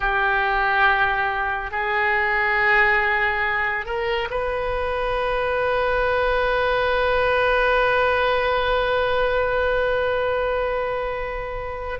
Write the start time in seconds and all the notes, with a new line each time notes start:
0.00 G4
1.71 G#4
3.85 A#4
4.30 B4